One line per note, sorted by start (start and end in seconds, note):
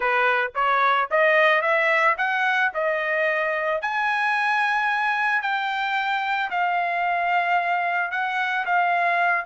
0.00 0.51 B4
0.54 1.08 C#5
1.11 1.61 D#5
1.61 2.15 E5
2.17 2.71 F#5
2.73 3.81 D#5
3.81 5.42 G#5
5.42 6.50 G5
6.50 8.11 F5
8.11 8.65 F#5
8.65 9.45 F5